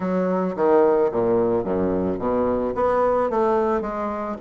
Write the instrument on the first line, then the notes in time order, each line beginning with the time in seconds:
bassoon
0.00 F#3
0.56 D#3
1.11 A#2
1.64 F#2
2.18 B2
2.74 B3
3.30 A3
3.81 G#3